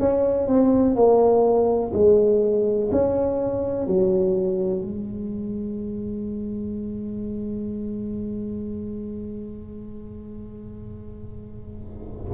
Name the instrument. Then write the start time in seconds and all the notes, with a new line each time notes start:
tuba
0.00 C#4
0.48 C4
0.96 A#3
1.94 G#3
2.93 C#4
3.87 F#3
4.82 G#3